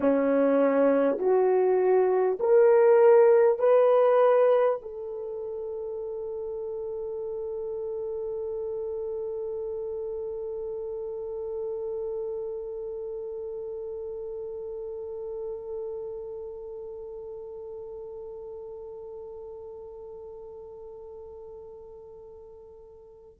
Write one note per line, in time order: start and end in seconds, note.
0.00 1.17 C#4
1.18 2.38 F#4
2.39 3.58 A#4
3.58 4.78 B4
4.81 23.39 A4